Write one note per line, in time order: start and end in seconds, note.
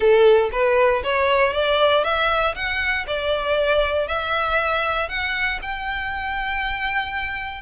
0.00 0.49 A4
0.52 1.03 B4
1.03 1.53 C#5
1.53 2.04 D5
2.04 2.54 E5
2.55 3.06 F#5
3.06 4.07 D5
4.07 5.08 E5
5.08 5.59 F#5
5.61 7.61 G5